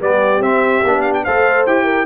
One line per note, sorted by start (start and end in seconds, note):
0.00 0.40 G3
0.00 0.42 B3
0.00 1.24 G4
0.00 0.42 D5
0.40 0.81 C4
0.40 0.84 C4
0.40 1.02 E5
0.85 1.26 B3
0.85 1.27 D4
1.02 1.12 F5
1.14 1.25 G5
1.25 1.67 A3
1.25 1.68 A4
1.25 1.85 C5
1.25 1.66 F5
1.67 2.06 E4
1.67 2.06 G4
1.67 2.06 G5
1.85 2.06 A#4